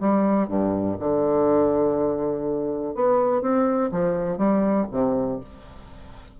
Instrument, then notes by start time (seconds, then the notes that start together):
bassoon
0.00 G3
0.48 G2
1.00 D3
2.95 B3
3.41 C4
3.92 F3
4.37 G3
4.91 C3